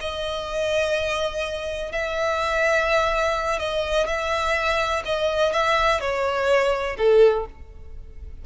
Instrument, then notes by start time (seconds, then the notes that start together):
violin
0.00 D#5
1.92 E5
3.59 D#5
4.06 E5
5.05 D#5
5.52 E5
6.00 C#5
6.97 A4